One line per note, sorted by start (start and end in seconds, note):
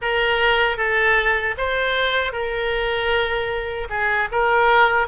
0.01 0.77 A#4
0.77 1.55 A4
1.57 2.32 C5
2.32 3.87 A#4
3.89 4.28 G#4
4.31 5.07 A#4